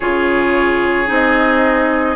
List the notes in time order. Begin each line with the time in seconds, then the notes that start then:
0.00 C#3 F4 G#4 C#5
1.06 C4 D#4
1.12 D#5